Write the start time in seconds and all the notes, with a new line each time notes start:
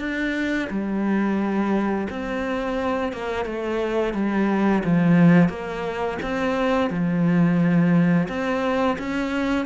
0.00 D4
0.70 G3
2.10 C4
3.13 A#3
3.46 A3
4.14 G3
4.85 F3
5.49 A#3
6.23 C4
6.91 F3
8.29 C4
8.99 C#4